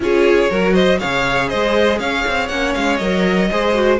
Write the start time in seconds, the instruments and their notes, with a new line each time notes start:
0.00 cello C#4, viola F4, violin G#4 C#5
0.50 cello F#3, viola F#4, violin A#4
0.73 violin C5 D#5
0.99 cello C#3, viola G#4, violin C#5 F5
1.48 cello G#3, violin C5 D#5
1.99 cello C#4, violin C#5 F5
2.27 cello C4
2.48 cello A#3, viola C#4, violin F#5
2.74 cello G#3, violin F5
2.96 cello F#3, viola A#4, violin D#5
3.50 cello G#3, viola G#4, violin C5
3.73 viola F#4